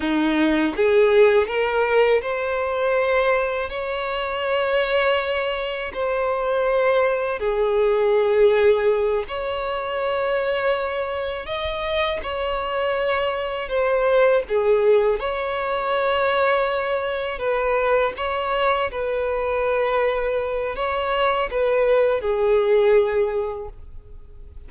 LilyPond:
\new Staff \with { instrumentName = "violin" } { \time 4/4 \tempo 4 = 81 dis'4 gis'4 ais'4 c''4~ | c''4 cis''2. | c''2 gis'2~ | gis'8 cis''2. dis''8~ |
dis''8 cis''2 c''4 gis'8~ | gis'8 cis''2. b'8~ | b'8 cis''4 b'2~ b'8 | cis''4 b'4 gis'2 | }